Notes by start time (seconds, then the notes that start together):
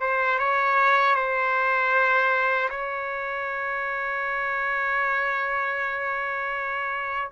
0.00 C5
0.38 C#5
1.15 C5
2.69 C#5